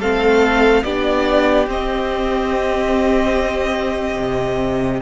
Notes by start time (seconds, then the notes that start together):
0.00 A3 C4 A4 F5
0.83 B3 D4 G4 D5
1.67 C4 D#5
4.18 C3